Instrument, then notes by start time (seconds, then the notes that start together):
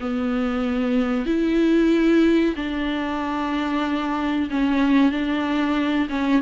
viola
0.00 B3
1.26 E4
2.56 D4
4.50 C#4
5.11 D4
6.09 C#4